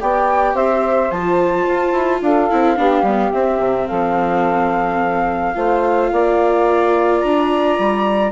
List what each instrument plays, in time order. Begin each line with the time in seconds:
0.00 bassoon B3, viola G4, saxophone D5, flute G5
0.54 bassoon C4, saxophone C5, flute E5
1.11 bassoon F3, viola F4, flute A5
1.68 bassoon F4
1.93 bassoon E4
2.21 bassoon D4, saxophone A4, flute F5
2.51 bassoon C4, viola E4
2.76 bassoon B3, viola D4, saxophone G4
3.03 bassoon G3, viola B3
3.32 viola C4, bassoon C4, flute E5
3.60 bassoon C3
3.87 bassoon F3, saxophone A4, flute F5
5.54 bassoon A3, viola F4, saxophone C5
6.12 bassoon A#3, saxophone D5
7.20 bassoon D4, flute A#5
7.79 bassoon G3